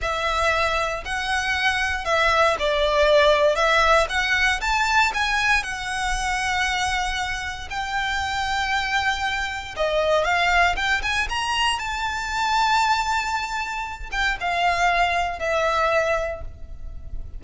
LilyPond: \new Staff \with { instrumentName = "violin" } { \time 4/4 \tempo 4 = 117 e''2 fis''2 | e''4 d''2 e''4 | fis''4 a''4 gis''4 fis''4~ | fis''2. g''4~ |
g''2. dis''4 | f''4 g''8 gis''8 ais''4 a''4~ | a''2.~ a''8 g''8 | f''2 e''2 | }